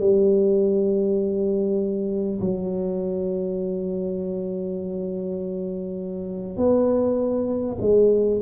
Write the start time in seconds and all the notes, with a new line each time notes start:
0.00 G3
2.41 F#3
6.57 B3
7.81 G#3